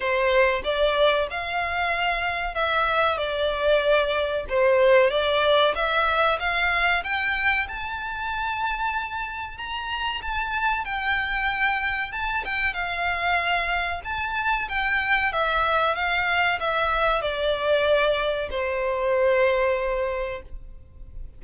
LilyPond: \new Staff \with { instrumentName = "violin" } { \time 4/4 \tempo 4 = 94 c''4 d''4 f''2 | e''4 d''2 c''4 | d''4 e''4 f''4 g''4 | a''2. ais''4 |
a''4 g''2 a''8 g''8 | f''2 a''4 g''4 | e''4 f''4 e''4 d''4~ | d''4 c''2. | }